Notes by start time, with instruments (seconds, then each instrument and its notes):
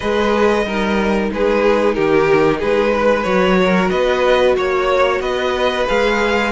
0.00 cello G#3, viola G#4, violin B4 D#5
0.65 cello G3, viola D#4, violin A#4
1.32 cello G#3, violin G#4 B4
1.94 cello D#3, violin G4 A#4
2.58 cello G#3, violin G#4 B4
2.93 violin B4
3.23 cello F#3, viola F#4, violin C#5
3.63 violin A#4
3.89 cello B3, violin B4 D#5
4.56 cello A#3, violin C#5
5.20 cello B3, violin B4 D#5
5.87 cello G#3, viola G#4, violin F5